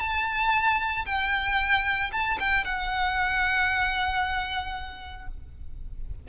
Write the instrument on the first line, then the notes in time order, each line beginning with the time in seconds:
violin
0.00 A5
1.06 G5
2.12 A5
2.39 G5
2.64 F#5